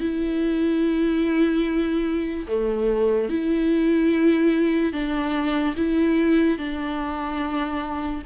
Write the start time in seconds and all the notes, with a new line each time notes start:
0.00 E4
2.47 A3
3.29 E4
4.93 D4
5.76 E4
6.58 D4